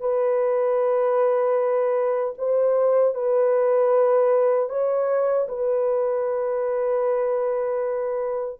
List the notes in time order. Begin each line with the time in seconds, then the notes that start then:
0.00 B4
2.38 C5
3.15 B4
4.69 C#5
5.48 B4